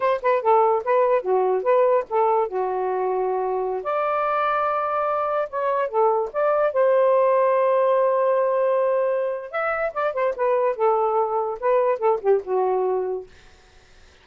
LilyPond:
\new Staff \with { instrumentName = "saxophone" } { \time 4/4 \tempo 4 = 145 c''8 b'8 a'4 b'4 fis'4 | b'4 a'4 fis'2~ | fis'4~ fis'16 d''2~ d''8.~ | d''4~ d''16 cis''4 a'4 d''8.~ |
d''16 c''2.~ c''8.~ | c''2. e''4 | d''8 c''8 b'4 a'2 | b'4 a'8 g'8 fis'2 | }